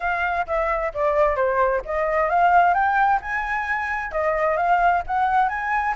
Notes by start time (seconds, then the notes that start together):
0.00 F5
0.46 E5
0.93 D5
1.36 C5
1.85 D#5
2.29 F5
2.74 G5
3.21 G#5
4.11 D#5
4.57 F5
5.07 F#5
5.48 G#5